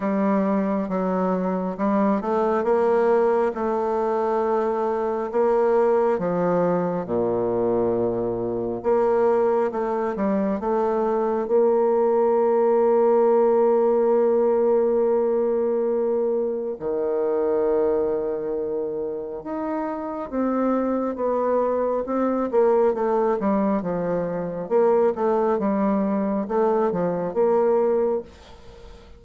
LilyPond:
\new Staff \with { instrumentName = "bassoon" } { \time 4/4 \tempo 4 = 68 g4 fis4 g8 a8 ais4 | a2 ais4 f4 | ais,2 ais4 a8 g8 | a4 ais2.~ |
ais2. dis4~ | dis2 dis'4 c'4 | b4 c'8 ais8 a8 g8 f4 | ais8 a8 g4 a8 f8 ais4 | }